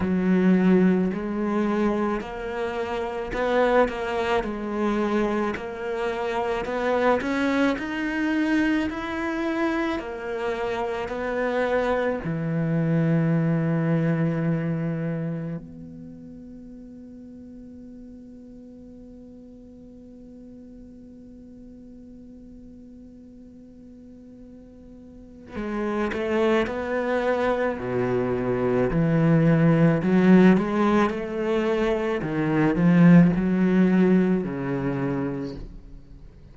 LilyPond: \new Staff \with { instrumentName = "cello" } { \time 4/4 \tempo 4 = 54 fis4 gis4 ais4 b8 ais8 | gis4 ais4 b8 cis'8 dis'4 | e'4 ais4 b4 e4~ | e2 b2~ |
b1~ | b2. gis8 a8 | b4 b,4 e4 fis8 gis8 | a4 dis8 f8 fis4 cis4 | }